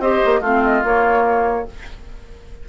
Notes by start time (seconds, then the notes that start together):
0.00 C4 G4 C5 D#5
0.26 A#3
0.40 A3 C4 F4 F5
0.65 D#5
0.84 A#3 C#5